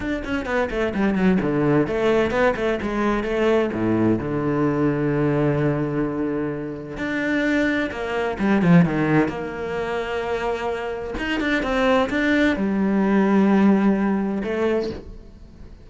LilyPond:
\new Staff \with { instrumentName = "cello" } { \time 4/4 \tempo 4 = 129 d'8 cis'8 b8 a8 g8 fis8 d4 | a4 b8 a8 gis4 a4 | a,4 d2.~ | d2. d'4~ |
d'4 ais4 g8 f8 dis4 | ais1 | dis'8 d'8 c'4 d'4 g4~ | g2. a4 | }